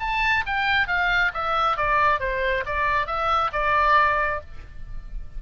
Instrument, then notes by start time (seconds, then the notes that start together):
oboe
0.00 A5
0.46 G5
0.87 F5
1.34 E5
1.77 D5
2.20 C5
2.66 D5
3.07 E5
3.53 D5